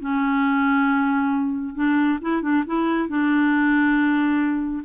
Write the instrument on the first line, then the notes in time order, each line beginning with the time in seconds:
clarinet
0.00 C#4
1.75 D4
2.21 E4
2.42 D4
2.67 E4
3.09 D4